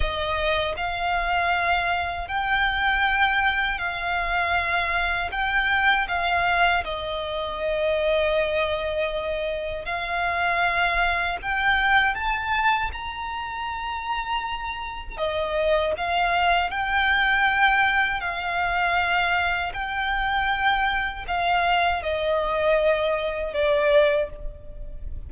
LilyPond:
\new Staff \with { instrumentName = "violin" } { \time 4/4 \tempo 4 = 79 dis''4 f''2 g''4~ | g''4 f''2 g''4 | f''4 dis''2.~ | dis''4 f''2 g''4 |
a''4 ais''2. | dis''4 f''4 g''2 | f''2 g''2 | f''4 dis''2 d''4 | }